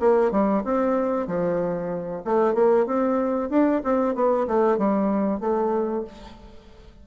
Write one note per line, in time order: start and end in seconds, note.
0.00 0.32 A#3
0.32 0.64 G3
0.64 1.27 C4
1.27 2.23 F3
2.25 2.54 A3
2.54 2.86 A#3
2.86 3.50 C4
3.50 3.82 D4
3.84 4.15 C4
4.15 4.47 B3
4.48 4.78 A3
4.78 5.41 G3
5.41 6.04 A3